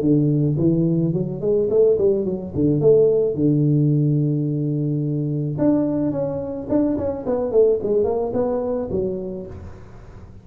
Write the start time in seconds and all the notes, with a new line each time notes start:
0.00 D3
0.58 E3
1.13 F#3
1.41 G#3
1.70 A3
1.98 G3
2.25 F#3
2.55 D3
2.81 A3
3.35 D3
5.58 D4
6.11 C#4
6.69 D4
6.97 C#4
7.26 B3
7.52 A3
7.83 G#3
8.04 A#3
8.33 B3
8.90 F#3